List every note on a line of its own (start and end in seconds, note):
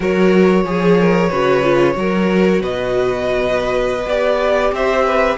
0.00 0.64 F#3
0.00 0.64 F#4
0.00 0.63 A#4
0.00 2.62 C#5
0.64 1.29 F3
0.64 1.30 G#4
0.64 1.00 G#4
1.00 1.29 A#4
1.29 1.95 C#3
1.29 1.63 F#4
1.29 1.94 B4
1.63 1.93 F4
1.93 2.60 F#3
1.93 4.05 F#4
1.93 2.61 A#4
2.60 4.05 B2
2.60 4.73 B4
2.60 4.09 D#5
4.05 4.71 B3
4.05 5.37 G4
4.05 4.74 D5
4.72 5.37 C4
4.72 5.05 C5
4.72 5.37 E5
5.05 5.37 B4